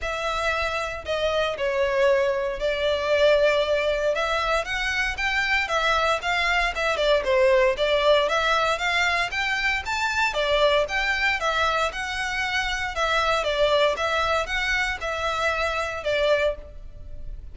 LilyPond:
\new Staff \with { instrumentName = "violin" } { \time 4/4 \tempo 4 = 116 e''2 dis''4 cis''4~ | cis''4 d''2. | e''4 fis''4 g''4 e''4 | f''4 e''8 d''8 c''4 d''4 |
e''4 f''4 g''4 a''4 | d''4 g''4 e''4 fis''4~ | fis''4 e''4 d''4 e''4 | fis''4 e''2 d''4 | }